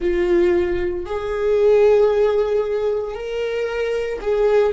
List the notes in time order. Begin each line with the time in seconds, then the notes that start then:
0.00 F4
1.05 G#4
3.14 A#4
4.21 G#4